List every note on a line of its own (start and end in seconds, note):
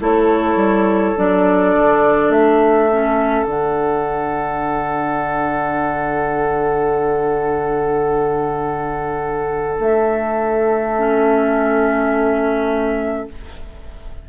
0.00 0.56 A3
0.00 1.15 E4
0.00 13.29 A4
0.00 1.18 C#5
0.56 1.13 G3
1.17 1.75 F#3
1.17 2.90 D4
1.17 2.31 D5
1.78 2.29 D3
2.29 3.44 A3
2.29 3.44 E5
2.91 3.46 C#4
3.44 9.79 D3
3.44 10.96 D4
3.44 9.78 F#5
9.79 13.25 A3
9.79 13.28 E5
10.98 13.28 C#4